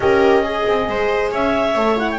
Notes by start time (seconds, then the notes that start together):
0.00 C#4 G4 A#4 D#5
0.43 G#4
0.67 C4
0.88 G#3 C5
1.31 C#4 C#5 E5
1.74 A3 A4
1.96 E4 F#5
2.10 G5